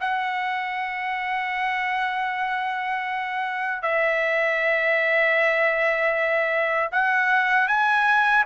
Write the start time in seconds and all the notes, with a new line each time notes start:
0.00 F#5
3.82 E5
6.92 F#5
7.68 G#5